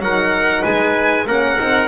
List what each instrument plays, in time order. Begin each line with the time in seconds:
0.00 double bass F#3, horn D#4, trumpet A#4, violin F#5
0.62 double bass G#3, trumpet B4, violin G#5
1.27 double bass A#3, horn C#4, trumpet A#4, violin F#5
1.57 double bass C4, horn D#4